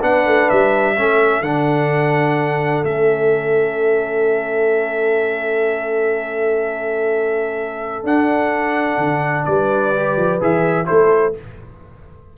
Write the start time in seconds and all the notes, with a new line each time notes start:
0.00 B3 D4 B4 F#5
0.26 A3
0.49 G3 E5
0.96 A3 C#4 A4
1.41 D3 D4 F#5
2.83 A3 C#4 E5
8.03 D4 F#5
8.97 D3
9.45 G3 B4 D5
9.95 G4
10.16 F3
10.40 E3 G#4 E5
10.85 A3 E4 A4 C5